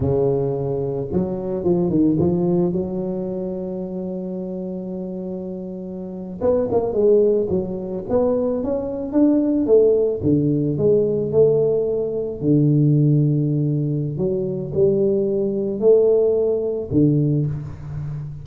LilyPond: \new Staff \with { instrumentName = "tuba" } { \time 4/4 \tempo 4 = 110 cis2 fis4 f8 dis8 | f4 fis2.~ | fis2.~ fis8. b16~ | b16 ais8 gis4 fis4 b4 cis'16~ |
cis'8. d'4 a4 d4 gis16~ | gis8. a2 d4~ d16~ | d2 fis4 g4~ | g4 a2 d4 | }